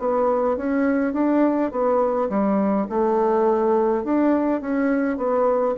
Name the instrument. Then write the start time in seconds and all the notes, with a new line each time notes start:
bassoon
0.00 B3
0.57 C#4
1.14 D4
1.72 B3
2.30 G3
2.90 A3
4.04 D4
4.61 C#4
5.18 B3